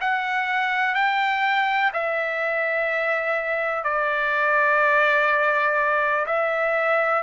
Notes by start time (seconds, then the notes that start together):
0.00 F#5
0.95 G5
1.94 E5
3.84 D5
6.26 E5